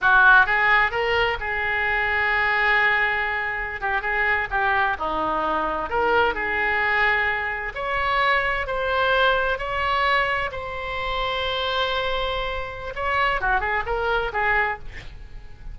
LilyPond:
\new Staff \with { instrumentName = "oboe" } { \time 4/4 \tempo 4 = 130 fis'4 gis'4 ais'4 gis'4~ | gis'1~ | gis'16 g'8 gis'4 g'4 dis'4~ dis'16~ | dis'8. ais'4 gis'2~ gis'16~ |
gis'8. cis''2 c''4~ c''16~ | c''8. cis''2 c''4~ c''16~ | c''1 | cis''4 fis'8 gis'8 ais'4 gis'4 | }